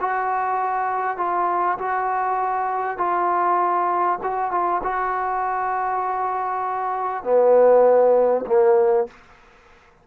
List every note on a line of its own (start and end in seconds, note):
0.00 1.17 F#4
1.17 1.78 F4
1.78 2.97 F#4
2.97 4.18 F4
4.23 4.51 F#4
4.51 4.81 F4
4.83 7.23 F#4
7.23 8.44 B3
8.46 9.07 A#3